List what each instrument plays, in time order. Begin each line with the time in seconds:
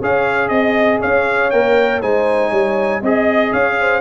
0.00 tuba C#4, trombone G#4, horn C#5, trumpet F5
0.49 tuba C4, trumpet D#5, horn D#5
1.01 tuba C#4, horn C#5, trumpet F5
1.51 tuba A#3, trombone A#4, trumpet G5
2.02 tuba G#3, trombone D#4, horn C5, trumpet G#5
2.50 tuba G3, horn C#5
3.01 tuba C4, trombone G#4, horn D#5, trumpet D#5
3.52 tuba C#4, horn C#5, trumpet F5
3.80 horn C5